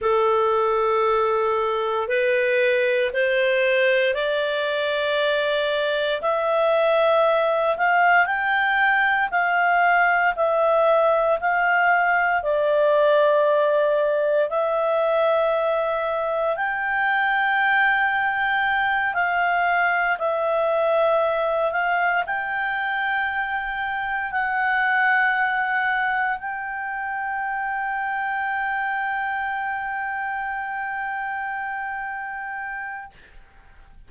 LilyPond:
\new Staff \with { instrumentName = "clarinet" } { \time 4/4 \tempo 4 = 58 a'2 b'4 c''4 | d''2 e''4. f''8 | g''4 f''4 e''4 f''4 | d''2 e''2 |
g''2~ g''8 f''4 e''8~ | e''4 f''8 g''2 fis''8~ | fis''4. g''2~ g''8~ | g''1 | }